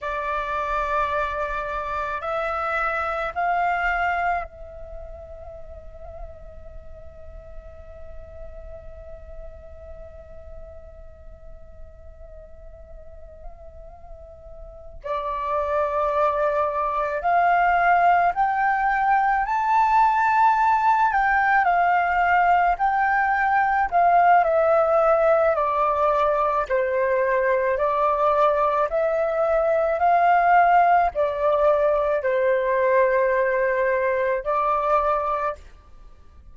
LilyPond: \new Staff \with { instrumentName = "flute" } { \time 4/4 \tempo 4 = 54 d''2 e''4 f''4 | e''1~ | e''1~ | e''4. d''2 f''8~ |
f''8 g''4 a''4. g''8 f''8~ | f''8 g''4 f''8 e''4 d''4 | c''4 d''4 e''4 f''4 | d''4 c''2 d''4 | }